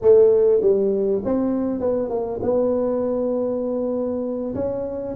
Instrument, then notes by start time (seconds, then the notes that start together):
tuba
0.01 A3
0.61 G3
1.24 C4
1.80 B3
2.09 A#3
2.42 B3
4.54 C#4